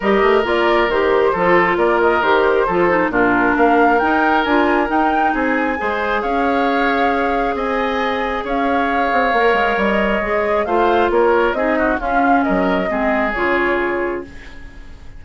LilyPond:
<<
  \new Staff \with { instrumentName = "flute" } { \time 4/4 \tempo 4 = 135 dis''4 d''4 c''2 | d''8 dis''8 c''2 ais'4 | f''4 g''4 gis''4 g''4 | gis''2 f''2~ |
f''4 gis''2 f''4~ | f''2 dis''2 | f''4 cis''4 dis''4 f''4 | dis''2 cis''2 | }
  \new Staff \with { instrumentName = "oboe" } { \time 4/4 ais'2. a'4 | ais'2 a'4 f'4 | ais'1 | gis'4 c''4 cis''2~ |
cis''4 dis''2 cis''4~ | cis''1 | c''4 ais'4 gis'8 fis'8 f'4 | ais'4 gis'2. | }
  \new Staff \with { instrumentName = "clarinet" } { \time 4/4 g'4 f'4 g'4 f'4~ | f'4 g'4 f'8 dis'8 d'4~ | d'4 dis'4 f'4 dis'4~ | dis'4 gis'2.~ |
gis'1~ | gis'4 ais'2 gis'4 | f'2 dis'4 cis'4~ | cis'4 c'4 f'2 | }
  \new Staff \with { instrumentName = "bassoon" } { \time 4/4 g8 a8 ais4 dis4 f4 | ais4 dis4 f4 ais,4 | ais4 dis'4 d'4 dis'4 | c'4 gis4 cis'2~ |
cis'4 c'2 cis'4~ | cis'8 c'8 ais8 gis8 g4 gis4 | a4 ais4 c'4 cis'4 | fis4 gis4 cis2 | }
>>